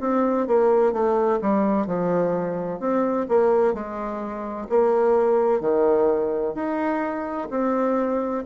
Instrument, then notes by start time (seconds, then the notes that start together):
bassoon
0.00 C4
0.47 A#3
0.92 A3
1.41 G3
1.86 F3
2.80 C4
3.28 A#3
3.73 G#3
4.69 A#3
5.60 D#3
6.54 D#4
7.50 C4